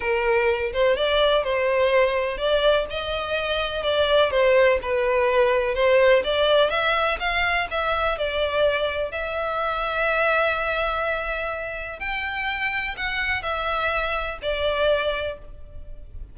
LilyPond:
\new Staff \with { instrumentName = "violin" } { \time 4/4 \tempo 4 = 125 ais'4. c''8 d''4 c''4~ | c''4 d''4 dis''2 | d''4 c''4 b'2 | c''4 d''4 e''4 f''4 |
e''4 d''2 e''4~ | e''1~ | e''4 g''2 fis''4 | e''2 d''2 | }